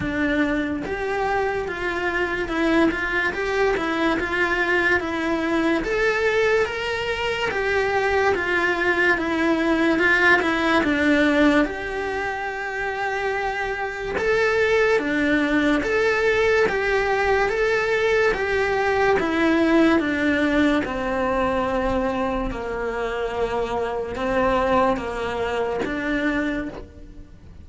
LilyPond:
\new Staff \with { instrumentName = "cello" } { \time 4/4 \tempo 4 = 72 d'4 g'4 f'4 e'8 f'8 | g'8 e'8 f'4 e'4 a'4 | ais'4 g'4 f'4 e'4 | f'8 e'8 d'4 g'2~ |
g'4 a'4 d'4 a'4 | g'4 a'4 g'4 e'4 | d'4 c'2 ais4~ | ais4 c'4 ais4 d'4 | }